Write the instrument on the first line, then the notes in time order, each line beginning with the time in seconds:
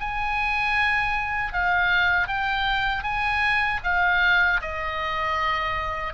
oboe
0.00 G#5
1.53 F5
2.28 G5
3.03 G#5
3.84 F5
4.62 D#5